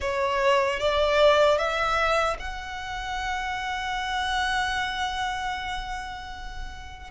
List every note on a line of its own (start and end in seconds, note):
0.00 0.79 C#5
0.79 1.58 D5
1.58 2.36 E5
2.39 7.10 F#5